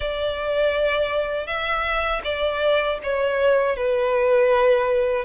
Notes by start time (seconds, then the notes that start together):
0.00 D5
1.46 E5
2.23 D5
3.03 C#5
3.76 B4